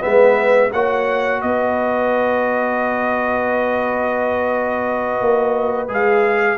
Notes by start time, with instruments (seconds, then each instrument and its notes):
0.00 tuba G#3, trombone B3, horn B4, trumpet E5
0.72 tuba A#3, trombone F#4, horn C#5, trumpet F#5
1.41 tuba B3, horn B4, trumpet D#5
5.21 tuba A#3
5.88 tuba G#3, trombone G#4, trumpet F5